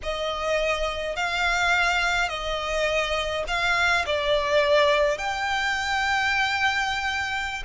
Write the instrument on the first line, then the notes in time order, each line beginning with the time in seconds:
violin
0.02 D#5
1.16 F5
2.28 D#5
3.47 F5
4.06 D5
5.17 G5